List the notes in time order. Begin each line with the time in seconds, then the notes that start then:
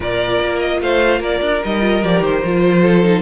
0.00 A#2 F4 A#4 D5
0.41 A#3
0.59 D#5
0.81 A3 C5 F5
1.19 A#3 A#4 D5
1.41 D4
1.63 G3 D#4 D#5
1.81 F4
2.03 F3 G4 D5
2.20 D#3 C5
2.43 F3 F4
2.81 A4
3.03 D#4